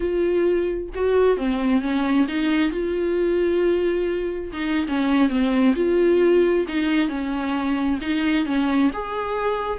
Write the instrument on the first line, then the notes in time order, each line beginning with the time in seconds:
viola
0.00 F4
0.95 F#4
1.37 C4
1.81 C#4
2.28 D#4
2.71 F4
4.52 D#4
4.88 C#4
5.29 C4
5.75 F4
6.68 D#4
7.08 C#4
8.01 D#4
8.45 C#4
8.93 G#4